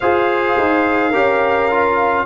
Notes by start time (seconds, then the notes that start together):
0.00 F4 G#4 C5 F5
0.58 D#4
1.09 C#4 G4 A#4
1.70 F4